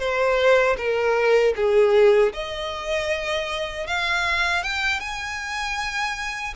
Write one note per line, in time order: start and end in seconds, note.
0.00 0.77 C5
0.78 1.55 A#4
1.56 2.33 G#4
2.34 3.87 D#5
3.87 4.64 F5
4.64 5.00 G5
5.00 6.55 G#5